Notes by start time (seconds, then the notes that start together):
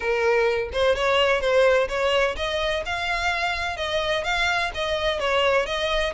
0.00 A#4
0.73 C5
0.95 C#5
1.40 C5
1.88 C#5
2.36 D#5
2.85 F5
3.76 D#5
4.24 F5
4.74 D#5
5.19 C#5
5.66 D#5